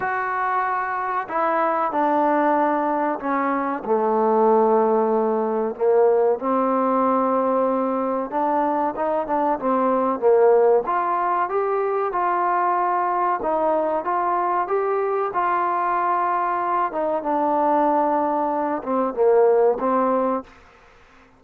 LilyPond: \new Staff \with { instrumentName = "trombone" } { \time 4/4 \tempo 4 = 94 fis'2 e'4 d'4~ | d'4 cis'4 a2~ | a4 ais4 c'2~ | c'4 d'4 dis'8 d'8 c'4 |
ais4 f'4 g'4 f'4~ | f'4 dis'4 f'4 g'4 | f'2~ f'8 dis'8 d'4~ | d'4. c'8 ais4 c'4 | }